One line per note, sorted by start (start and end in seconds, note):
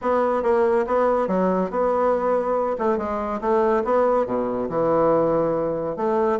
0.01 0.43 B3
0.43 0.85 A#3
0.86 1.27 B3
1.27 1.70 F#3
1.70 2.76 B3
2.78 2.97 A3
2.97 3.40 G#3
3.40 3.83 A3
3.84 4.26 B3
4.26 4.68 B2
4.69 5.96 E3
5.96 6.38 A3